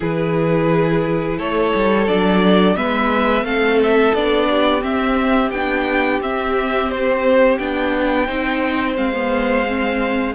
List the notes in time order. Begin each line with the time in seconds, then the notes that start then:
0.00 E3 E4 G#4 B4
1.38 A3 A4 C#5
1.75 G3
2.07 F#3 D4 D5
2.76 G#3 B3 B4 E5
3.43 A3 C4 A4 F5
3.82 E5
4.14 B3 D4 D5
4.50 G4
4.80 C4 E5
5.50 B3 D4 G5
6.20 C4 E5
6.90 C5
7.58 B3 D4 G5
8.26 C4 D#4 C5
8.95 G#3 C4 F5
9.14 B3
9.66 C4